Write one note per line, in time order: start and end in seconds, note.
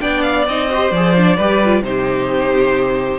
0.00 0.47 B3
0.00 0.46 D4
0.00 0.71 D5
0.00 0.22 G5
0.22 0.45 F5
0.47 0.91 C4
0.47 0.70 D#4
0.47 0.91 D#5
0.70 0.93 G4
0.70 1.37 C5
0.91 1.37 F3
0.91 1.17 G#4
0.91 1.83 D5
1.17 1.40 D4
1.37 1.82 G3
1.37 1.62 G4
1.37 1.82 B4
1.65 1.83 F4
1.82 3.19 C3
1.82 3.20 D#4
1.82 3.20 C5
1.88 3.20 G4